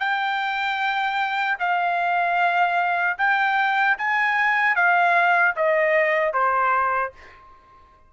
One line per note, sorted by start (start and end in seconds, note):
0.00 1.58 G5
1.60 3.18 F5
3.18 3.97 G5
3.98 4.76 G#5
4.76 5.55 F5
5.56 6.34 D#5
6.34 7.13 C5